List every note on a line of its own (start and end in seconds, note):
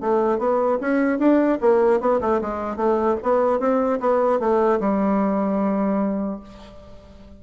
0.00 0.38 A3
0.38 0.78 B3
0.81 1.18 C#4
1.18 1.58 D4
1.61 2.00 A#3
2.00 2.20 B3
2.20 2.40 A3
2.41 2.76 G#3
2.76 3.16 A3
3.22 3.59 B3
3.59 3.99 C4
3.99 4.39 B3
4.39 4.79 A3
4.80 6.40 G3